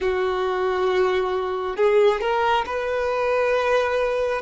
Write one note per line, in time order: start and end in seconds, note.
0.00 1.76 F#4
1.76 2.20 G#4
2.20 2.64 A#4
2.66 4.41 B4